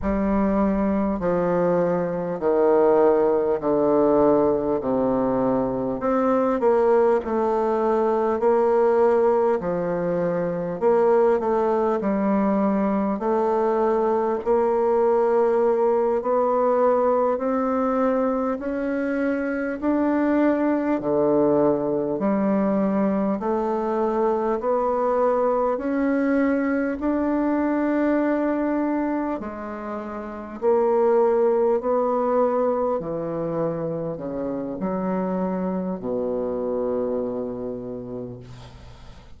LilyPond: \new Staff \with { instrumentName = "bassoon" } { \time 4/4 \tempo 4 = 50 g4 f4 dis4 d4 | c4 c'8 ais8 a4 ais4 | f4 ais8 a8 g4 a4 | ais4. b4 c'4 cis'8~ |
cis'8 d'4 d4 g4 a8~ | a8 b4 cis'4 d'4.~ | d'8 gis4 ais4 b4 e8~ | e8 cis8 fis4 b,2 | }